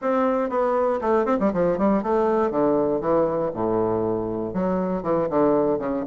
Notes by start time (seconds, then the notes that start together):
0.01 C4
0.49 B3
1.01 A3
1.25 C4
1.39 G3
1.53 F3
1.78 G3
2.02 A3
2.50 D3
3.00 E3
3.53 A2
4.53 F#3
5.02 E3
5.29 D3
5.78 C#3